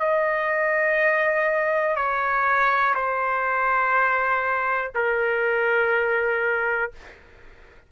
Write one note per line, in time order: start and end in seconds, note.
0.00 1.96 D#5
1.96 2.95 C#5
2.95 4.92 C5
4.95 6.92 A#4